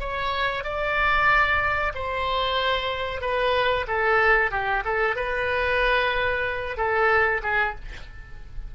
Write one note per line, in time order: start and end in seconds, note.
0.00 0.64 C#5
0.64 1.93 D5
1.95 3.21 C5
3.21 3.86 B4
3.87 4.52 A4
4.52 4.84 G4
4.85 5.16 A4
5.16 6.77 B4
6.77 7.42 A4
7.43 7.75 G#4